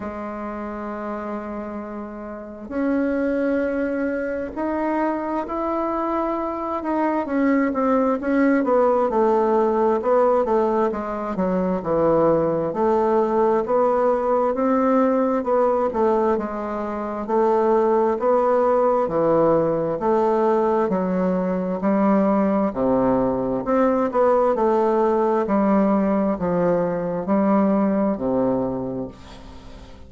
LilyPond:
\new Staff \with { instrumentName = "bassoon" } { \time 4/4 \tempo 4 = 66 gis2. cis'4~ | cis'4 dis'4 e'4. dis'8 | cis'8 c'8 cis'8 b8 a4 b8 a8 | gis8 fis8 e4 a4 b4 |
c'4 b8 a8 gis4 a4 | b4 e4 a4 fis4 | g4 c4 c'8 b8 a4 | g4 f4 g4 c4 | }